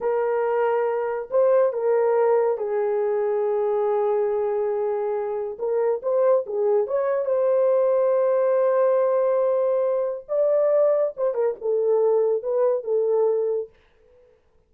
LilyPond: \new Staff \with { instrumentName = "horn" } { \time 4/4 \tempo 4 = 140 ais'2. c''4 | ais'2 gis'2~ | gis'1~ | gis'4 ais'4 c''4 gis'4 |
cis''4 c''2.~ | c''1 | d''2 c''8 ais'8 a'4~ | a'4 b'4 a'2 | }